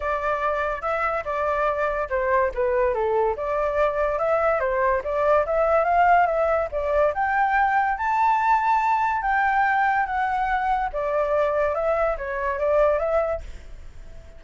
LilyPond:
\new Staff \with { instrumentName = "flute" } { \time 4/4 \tempo 4 = 143 d''2 e''4 d''4~ | d''4 c''4 b'4 a'4 | d''2 e''4 c''4 | d''4 e''4 f''4 e''4 |
d''4 g''2 a''4~ | a''2 g''2 | fis''2 d''2 | e''4 cis''4 d''4 e''4 | }